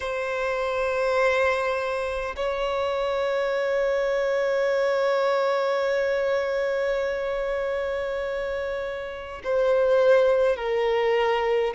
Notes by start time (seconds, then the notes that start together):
0.00 C5
2.36 C#5
9.44 C5
10.56 A#4